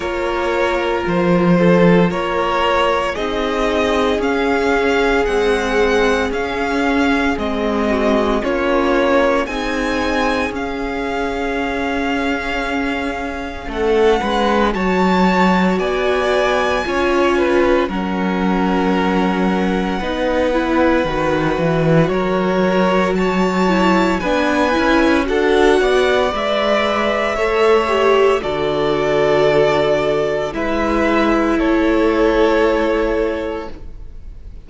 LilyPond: <<
  \new Staff \with { instrumentName = "violin" } { \time 4/4 \tempo 4 = 57 cis''4 c''4 cis''4 dis''4 | f''4 fis''4 f''4 dis''4 | cis''4 gis''4 f''2~ | f''4 fis''4 a''4 gis''4~ |
gis''4 fis''2.~ | fis''4 cis''4 a''4 gis''4 | fis''4 e''2 d''4~ | d''4 e''4 cis''2 | }
  \new Staff \with { instrumentName = "violin" } { \time 4/4 ais'4. a'8 ais'4 gis'4~ | gis'2.~ gis'8 fis'8 | f'4 gis'2.~ | gis'4 a'8 b'8 cis''4 d''4 |
cis''8 b'8 ais'2 b'4~ | b'4 ais'4 cis''4 b'4 | a'8 d''4. cis''4 a'4~ | a'4 b'4 a'2 | }
  \new Staff \with { instrumentName = "viola" } { \time 4/4 f'2. dis'4 | cis'4 gis4 cis'4 c'4 | cis'4 dis'4 cis'2~ | cis'2 fis'2 |
f'4 cis'2 dis'8 e'8 | fis'2~ fis'8 e'8 d'8 e'8 | fis'4 b'4 a'8 g'8 fis'4~ | fis'4 e'2. | }
  \new Staff \with { instrumentName = "cello" } { \time 4/4 ais4 f4 ais4 c'4 | cis'4 c'4 cis'4 gis4 | ais4 c'4 cis'2~ | cis'4 a8 gis8 fis4 b4 |
cis'4 fis2 b4 | dis8 e8 fis2 b8 cis'8 | d'8 b8 gis4 a4 d4~ | d4 gis4 a2 | }
>>